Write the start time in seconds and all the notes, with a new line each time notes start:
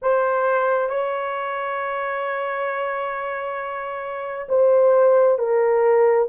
0.02 C5
0.89 C#5
4.49 C5
5.38 A#4